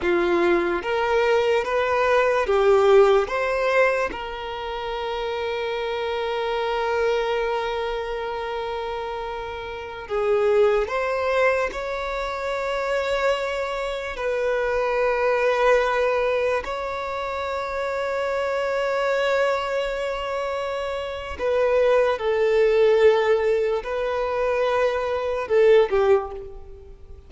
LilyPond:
\new Staff \with { instrumentName = "violin" } { \time 4/4 \tempo 4 = 73 f'4 ais'4 b'4 g'4 | c''4 ais'2.~ | ais'1~ | ais'16 gis'4 c''4 cis''4.~ cis''16~ |
cis''4~ cis''16 b'2~ b'8.~ | b'16 cis''2.~ cis''8.~ | cis''2 b'4 a'4~ | a'4 b'2 a'8 g'8 | }